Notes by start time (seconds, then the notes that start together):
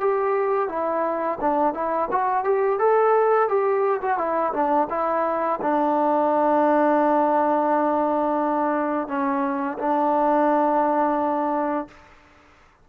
0.00 G4
0.68 E4
1.40 D4
1.73 E4
2.11 F#4
2.44 G4
2.79 A4
3.48 G4
4.01 F#4
4.17 E4
4.53 D4
4.90 E4
5.61 D4
9.08 C#4
9.78 D4